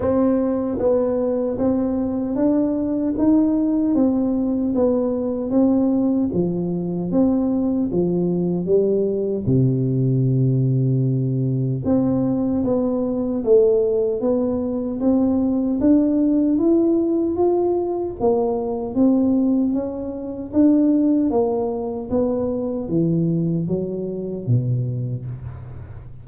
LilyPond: \new Staff \with { instrumentName = "tuba" } { \time 4/4 \tempo 4 = 76 c'4 b4 c'4 d'4 | dis'4 c'4 b4 c'4 | f4 c'4 f4 g4 | c2. c'4 |
b4 a4 b4 c'4 | d'4 e'4 f'4 ais4 | c'4 cis'4 d'4 ais4 | b4 e4 fis4 b,4 | }